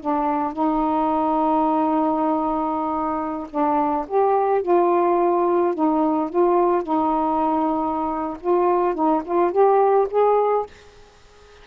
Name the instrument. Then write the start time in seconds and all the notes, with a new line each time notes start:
saxophone
0.00 D4
0.53 D#4
3.50 D4
4.07 G4
4.62 F4
5.74 D#4
6.30 F4
6.83 D#4
8.40 F4
8.94 D#4
9.24 F4
9.51 G4
10.10 G#4